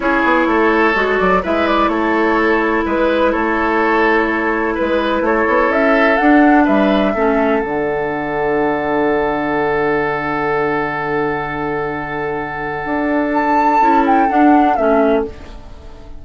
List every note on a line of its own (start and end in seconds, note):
0.00 0.22 C#4
0.00 0.94 E4
0.00 0.48 G#4
0.00 1.18 C#5
0.24 0.46 B3
0.46 0.94 A3
0.46 1.42 A4
0.95 1.19 G#3
0.95 1.42 F#4
1.18 1.44 F#3
1.18 1.42 D5
1.42 1.88 G#3
1.42 6.19 E4
1.42 1.90 B4
1.42 1.67 E5
1.67 1.88 D5
1.88 2.83 A3
1.88 2.85 A4
1.88 2.83 C#5
2.85 3.33 G#3
2.85 3.31 B4
2.85 3.32 B4
3.31 4.77 A3
3.31 4.74 A4
3.31 4.75 C#5
4.74 5.22 B4
4.74 5.25 B4
4.80 5.21 G#3
5.21 5.45 A3
5.21 6.64 A4
5.21 5.72 C#5
5.47 5.69 B3
5.69 6.17 C#4
5.69 6.17 E5
6.17 7.14 D4
6.17 6.68 D4
6.17 6.64 F#5
6.64 7.15 G3
6.64 7.12 B4
6.64 7.60 E5
7.14 7.62 A3
7.14 7.63 C#4
7.14 15.23 A4
7.60 12.85 D3
7.60 13.81 D4
7.60 13.31 F#5
12.85 13.80 D4
13.33 14.05 A5
13.80 14.28 C#4
13.80 14.28 E4
14.06 14.29 G5
14.28 14.76 D4
14.28 14.77 D4
14.28 14.76 F#5
14.76 15.25 A3
14.76 15.25 C#4
14.76 15.23 E5